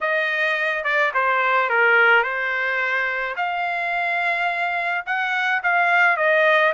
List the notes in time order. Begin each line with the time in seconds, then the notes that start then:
0.01 D#5
0.83 D5
1.14 C5
1.69 A#4
2.23 C5
3.36 F5
5.05 F#5
5.63 F5
6.16 D#5